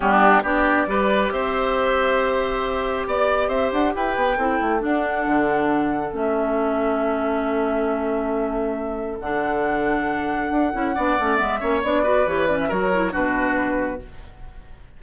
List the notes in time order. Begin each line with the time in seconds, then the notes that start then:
0.00 G3 B3 D4 G4
0.42 B3 D4 G4 D5
0.86 G3 G4 B4
1.31 C4 C5 E5
3.06 B3 D5
3.48 C4 C5 E5
3.72 D4 F#5
3.94 E4 B4 G5
4.16 B3
4.37 C4 E4 A4
4.60 A3
4.79 D4 F#5
5.26 D3
6.11 A3 C#4 E5
9.19 D3 D4 F#5
10.50 D4
10.73 C#4 E4
10.94 B3 D4 D5
11.19 A3 C#4
11.36 G#3 B3 E5
11.59 A#3 C#4 C#5
11.83 B3 D4 D5
12.02 F#4 B4
12.26 E3 G4 C#5
12.47 C#4 D5
12.60 E5
12.68 F#3 F#4 A#4 C#5
12.92 E4
13.10 B2 D4 F#4 B4